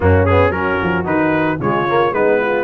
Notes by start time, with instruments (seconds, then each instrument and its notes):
0.00 tuba F#2, trombone A#3, horn C#4, trumpet F#4
0.25 trombone B3, trumpet G#4
0.50 tuba F#3, trombone C#4, horn F#4, trumpet A#4
0.82 tuba F3
1.04 tuba D#3, trombone D#4, trumpet B4
1.59 tuba C#3, trombone G#3, horn F4, trumpet C#5
1.87 trombone A#3
2.12 tuba G#3, trombone B3, horn D#4, trumpet B4
2.40 horn F4